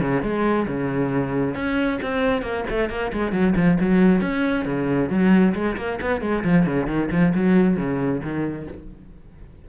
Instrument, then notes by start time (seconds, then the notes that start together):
cello
0.00 C#3
0.22 G#3
0.67 C#3
1.55 C#4
2.02 C4
2.42 A#3
2.69 A3
2.89 A#3
3.12 G#3
3.32 F#3
3.56 F3
3.80 F#3
4.21 C#4
4.65 C#3
5.09 F#3
5.54 G#3
5.77 A#3
6.01 B3
6.21 G#3
6.44 F3
6.66 C#3
6.86 D#3
7.11 F3
7.34 F#3
7.76 C#3
8.23 D#3